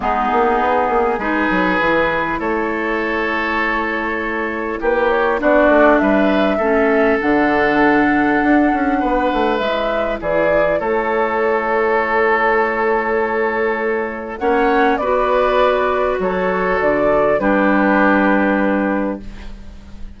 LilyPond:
<<
  \new Staff \with { instrumentName = "flute" } { \time 4/4 \tempo 4 = 100 gis'2 b'2 | cis''1 | b'8 cis''8 d''4 e''2 | fis''1 |
e''4 d''4 cis''2~ | cis''1 | fis''4 d''2 cis''4 | d''4 b'2. | }
  \new Staff \with { instrumentName = "oboe" } { \time 4/4 dis'2 gis'2 | a'1 | g'4 fis'4 b'4 a'4~ | a'2. b'4~ |
b'4 gis'4 a'2~ | a'1 | cis''4 b'2 a'4~ | a'4 g'2. | }
  \new Staff \with { instrumentName = "clarinet" } { \time 4/4 b2 dis'4 e'4~ | e'1~ | e'4 d'2 cis'4 | d'1 |
e'1~ | e'1 | cis'4 fis'2.~ | fis'4 d'2. | }
  \new Staff \with { instrumentName = "bassoon" } { \time 4/4 gis8 ais8 b8 ais8 gis8 fis8 e4 | a1 | ais4 b8 a8 g4 a4 | d2 d'8 cis'8 b8 a8 |
gis4 e4 a2~ | a1 | ais4 b2 fis4 | d4 g2. | }
>>